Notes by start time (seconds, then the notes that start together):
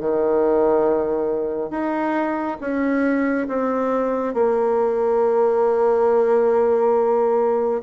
0.00 D#3
1.70 D#4
2.60 C#4
3.48 C4
4.34 A#3